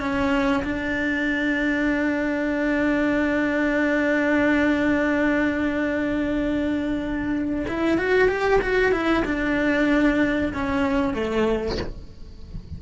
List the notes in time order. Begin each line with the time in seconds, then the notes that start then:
0.00 C#4
0.64 D4
7.68 E4
7.98 F#4
8.29 G4
8.62 F#4
8.92 E4
9.26 D4
10.54 C#4
11.14 A3